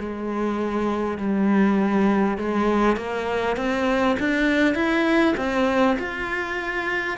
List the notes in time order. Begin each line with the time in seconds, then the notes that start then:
0.00 G#3
1.18 G3
2.38 G#3
2.97 A#3
3.57 C4
4.20 D4
4.75 E4
5.37 C4
5.99 F4